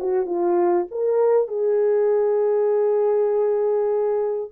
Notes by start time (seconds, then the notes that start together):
0.00 F#4
0.26 F4
0.91 A#4
1.48 G#4